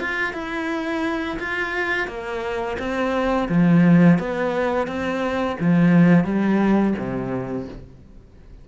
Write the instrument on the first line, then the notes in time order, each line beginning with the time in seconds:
cello
0.00 F4
0.34 E4
1.39 F4
2.08 A#3
2.79 C4
3.49 F3
4.19 B3
4.87 C4
5.60 F3
6.24 G3
6.99 C3